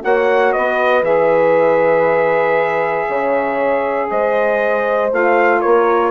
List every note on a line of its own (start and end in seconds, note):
0.00 0.55 A#3
0.00 1.02 F#4
0.00 0.53 C#5
0.00 0.52 F#5
0.52 1.02 B3
0.52 3.08 B4
0.52 1.03 D#5
1.02 3.06 E3
1.02 5.09 G#4
1.02 4.09 E5
3.08 4.10 C#3
3.08 4.10 C#5
4.10 5.12 G#3
4.10 5.61 C5
4.10 5.12 D#5
5.11 5.62 A3
5.11 6.11 F4
5.11 5.61 F5
5.61 6.11 A#3
5.61 6.11 A#4
5.61 6.11 C#5